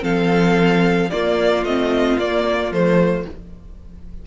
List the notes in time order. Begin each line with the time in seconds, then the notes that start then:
0.00 F3 C4 A4 F5
1.10 A#3 F4 D5
1.64 A3 C4 D#5
2.19 A#3 D5
2.71 F3 A3 C5